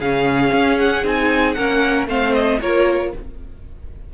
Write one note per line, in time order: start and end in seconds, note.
0.00 0.52 C#3
0.00 1.04 C#4
0.00 1.56 G#4
0.00 0.79 F5
0.53 1.04 C#4
0.79 1.05 F#5
1.04 1.56 C4
1.04 1.57 D#4
1.04 1.54 G#5
1.54 2.07 A#3
1.54 2.08 C#4
1.54 2.08 A#4
1.54 2.06 F#5
2.07 2.60 A3
2.07 2.61 C4
2.07 2.61 C5
2.07 2.34 F5
2.34 2.60 D#5
2.61 3.13 A#3
2.61 3.14 F4
2.61 3.13 A#4
2.61 3.13 C#5